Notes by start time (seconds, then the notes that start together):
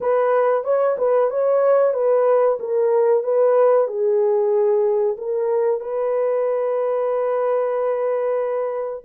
0.00 B4
0.64 C#5
0.98 B4
1.30 C#5
1.93 B4
2.59 A#4
3.23 B4
3.87 G#4
5.17 A#4
5.80 B4